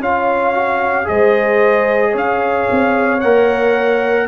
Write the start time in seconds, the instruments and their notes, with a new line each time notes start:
0.00 tuba C#4, trombone F4, horn C#5, trumpet F5
0.54 trombone F#4
1.04 tuba G#3, trombone G#4, horn C5, trumpet D#5
2.11 tuba C#4, horn C#5
2.17 trumpet F5
2.71 tuba C4
3.21 tuba A#3, trombone A#4, trumpet F#5